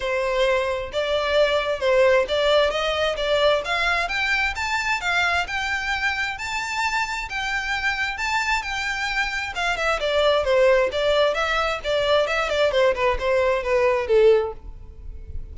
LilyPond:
\new Staff \with { instrumentName = "violin" } { \time 4/4 \tempo 4 = 132 c''2 d''2 | c''4 d''4 dis''4 d''4 | f''4 g''4 a''4 f''4 | g''2 a''2 |
g''2 a''4 g''4~ | g''4 f''8 e''8 d''4 c''4 | d''4 e''4 d''4 e''8 d''8 | c''8 b'8 c''4 b'4 a'4 | }